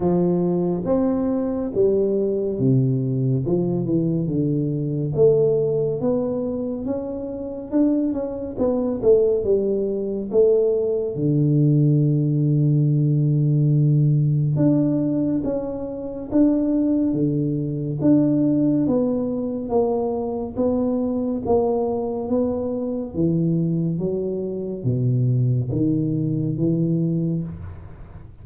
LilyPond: \new Staff \with { instrumentName = "tuba" } { \time 4/4 \tempo 4 = 70 f4 c'4 g4 c4 | f8 e8 d4 a4 b4 | cis'4 d'8 cis'8 b8 a8 g4 | a4 d2.~ |
d4 d'4 cis'4 d'4 | d4 d'4 b4 ais4 | b4 ais4 b4 e4 | fis4 b,4 dis4 e4 | }